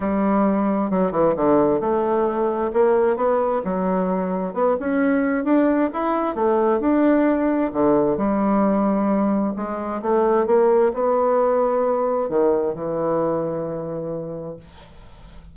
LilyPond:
\new Staff \with { instrumentName = "bassoon" } { \time 4/4 \tempo 4 = 132 g2 fis8 e8 d4 | a2 ais4 b4 | fis2 b8 cis'4. | d'4 e'4 a4 d'4~ |
d'4 d4 g2~ | g4 gis4 a4 ais4 | b2. dis4 | e1 | }